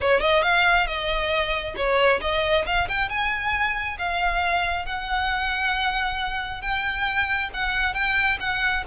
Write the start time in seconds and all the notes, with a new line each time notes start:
0.00 C#5
0.20 D#5
0.42 F5
0.86 D#5
1.76 C#5
2.21 D#5
2.66 F5
2.88 G5
3.09 G#5
3.98 F5
4.85 F#5
6.61 G5
7.53 F#5
7.94 G5
8.39 F#5